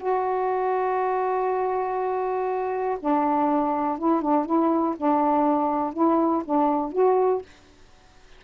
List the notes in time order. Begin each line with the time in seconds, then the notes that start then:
0.00 F#4
3.00 D4
3.98 E4
4.21 D4
4.45 E4
4.97 D4
5.93 E4
6.45 D4
6.92 F#4